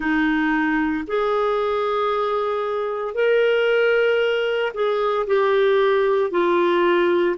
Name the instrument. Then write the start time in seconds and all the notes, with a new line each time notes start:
clarinet
0.00 D#4
1.07 G#4
3.14 A#4
4.74 G#4
5.26 G4
6.30 F4